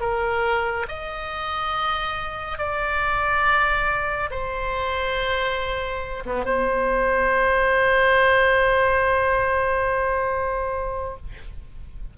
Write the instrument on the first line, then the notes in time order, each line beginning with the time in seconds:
oboe
0.00 A#4
0.88 D#5
2.58 D5
4.30 C5
6.25 B3
6.45 C5